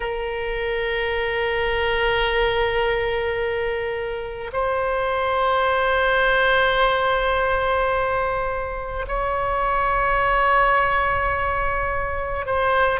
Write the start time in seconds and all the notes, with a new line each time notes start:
0.00 A#4
4.53 C5
9.07 C#5
12.46 C5